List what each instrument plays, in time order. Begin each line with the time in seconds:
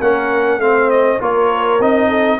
0.00 tuba A#3, trombone C#4, horn A#4, trumpet F#5
0.57 tuba A3, trombone C4, horn C5, trumpet F5
0.90 trumpet D#5
1.19 tuba A#3, trombone F4, horn A#4, trumpet C#5
1.79 tuba C4, trombone D#4, trumpet D#5
2.08 horn A4